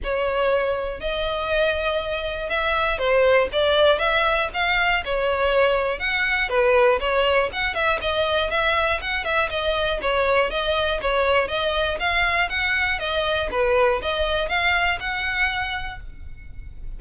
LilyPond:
\new Staff \with { instrumentName = "violin" } { \time 4/4 \tempo 4 = 120 cis''2 dis''2~ | dis''4 e''4 c''4 d''4 | e''4 f''4 cis''2 | fis''4 b'4 cis''4 fis''8 e''8 |
dis''4 e''4 fis''8 e''8 dis''4 | cis''4 dis''4 cis''4 dis''4 | f''4 fis''4 dis''4 b'4 | dis''4 f''4 fis''2 | }